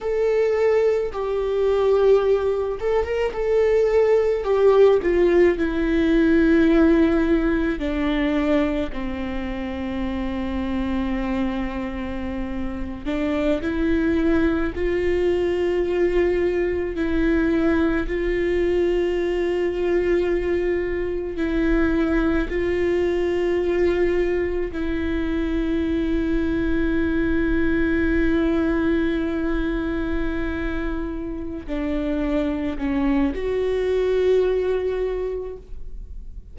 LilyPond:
\new Staff \with { instrumentName = "viola" } { \time 4/4 \tempo 4 = 54 a'4 g'4. a'16 ais'16 a'4 | g'8 f'8 e'2 d'4 | c'2.~ c'8. d'16~ | d'16 e'4 f'2 e'8.~ |
e'16 f'2. e'8.~ | e'16 f'2 e'4.~ e'16~ | e'1~ | e'8 d'4 cis'8 fis'2 | }